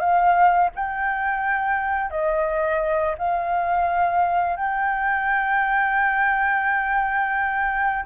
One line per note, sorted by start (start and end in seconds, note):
0.00 0.70 F5
0.75 2.10 G5
2.10 3.15 D#5
3.18 4.56 F5
4.56 8.05 G5